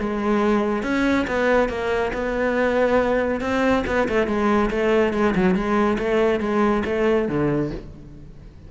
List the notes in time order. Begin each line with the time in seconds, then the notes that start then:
0.00 G#3
0.83 C#4
1.28 B3
1.69 A#3
2.14 B3
3.41 C4
3.87 B3
4.09 A3
4.27 G#3
4.71 A3
5.14 G#3
5.36 F#3
5.55 G#3
5.99 A3
6.41 G#3
6.86 A3
7.29 D3